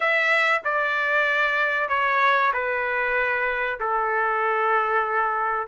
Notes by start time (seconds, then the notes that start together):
0.00 E5
0.64 D5
1.88 C#5
2.53 B4
3.80 A4